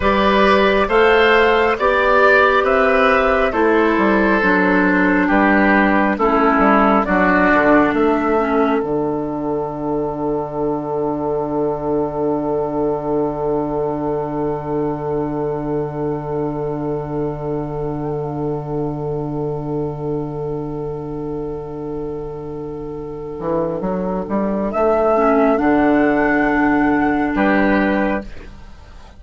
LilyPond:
<<
  \new Staff \with { instrumentName = "flute" } { \time 4/4 \tempo 4 = 68 d''4 f''4 d''4 e''4 | c''2 b'4 a'4 | d''4 e''4 fis''2~ | fis''1~ |
fis''1~ | fis''1~ | fis''1 | e''4 fis''2 b'4 | }
  \new Staff \with { instrumentName = "oboe" } { \time 4/4 b'4 c''4 d''4 b'4 | a'2 g'4 e'4 | fis'4 a'2.~ | a'1~ |
a'1~ | a'1~ | a'1~ | a'2. g'4 | }
  \new Staff \with { instrumentName = "clarinet" } { \time 4/4 g'4 a'4 g'2 | e'4 d'2 cis'4 | d'4. cis'8 d'2~ | d'1~ |
d'1~ | d'1~ | d'1~ | d'8 cis'8 d'2. | }
  \new Staff \with { instrumentName = "bassoon" } { \time 4/4 g4 a4 b4 c'4 | a8 g8 fis4 g4 a8 g8 | fis8 d8 a4 d2~ | d1~ |
d1~ | d1~ | d2~ d8 e8 fis8 g8 | a4 d2 g4 | }
>>